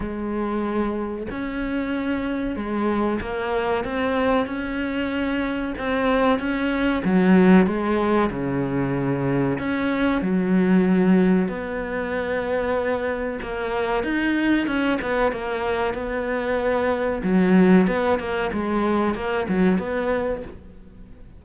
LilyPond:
\new Staff \with { instrumentName = "cello" } { \time 4/4 \tempo 4 = 94 gis2 cis'2 | gis4 ais4 c'4 cis'4~ | cis'4 c'4 cis'4 fis4 | gis4 cis2 cis'4 |
fis2 b2~ | b4 ais4 dis'4 cis'8 b8 | ais4 b2 fis4 | b8 ais8 gis4 ais8 fis8 b4 | }